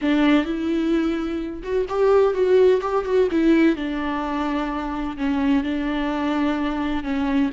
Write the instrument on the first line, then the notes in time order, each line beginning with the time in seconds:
viola
0.01 D4
0.45 E4
1.62 F#4
1.89 G4
2.34 F#4
2.81 G4
3.04 F#4
3.31 E4
3.76 D4
5.17 C#4
5.63 D4
7.03 C#4